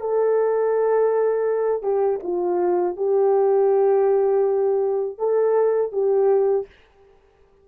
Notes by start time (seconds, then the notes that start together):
0.00 A4
1.82 G4
2.23 F4
2.96 G4
5.18 A4
5.92 G4